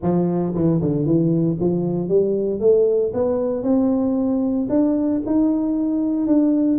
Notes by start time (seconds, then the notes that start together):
0.02 F3
0.54 E3
0.81 D3
1.05 E3
1.60 F3
2.08 G3
2.60 A3
3.13 B3
3.63 C4
4.69 D4
5.26 D#4
6.26 D4